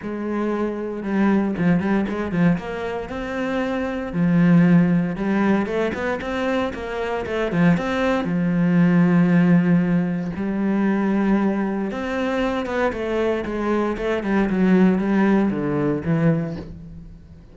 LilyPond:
\new Staff \with { instrumentName = "cello" } { \time 4/4 \tempo 4 = 116 gis2 g4 f8 g8 | gis8 f8 ais4 c'2 | f2 g4 a8 b8 | c'4 ais4 a8 f8 c'4 |
f1 | g2. c'4~ | c'8 b8 a4 gis4 a8 g8 | fis4 g4 d4 e4 | }